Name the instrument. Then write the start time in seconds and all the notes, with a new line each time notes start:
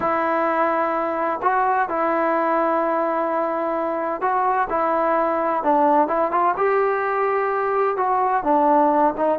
trombone
0.00 E4
1.42 F#4
1.89 E4
4.21 F#4
4.69 E4
5.63 D4
6.07 E4
6.31 F4
6.56 G4
7.97 F#4
8.43 D4
9.17 D#4